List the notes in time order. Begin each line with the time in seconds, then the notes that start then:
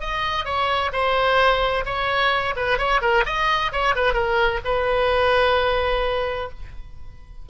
0.00 D#5
0.45 C#5
0.92 C5
1.85 C#5
2.56 B4
2.78 C#5
3.01 A#4
3.25 D#5
3.72 C#5
3.95 B4
4.13 A#4
4.64 B4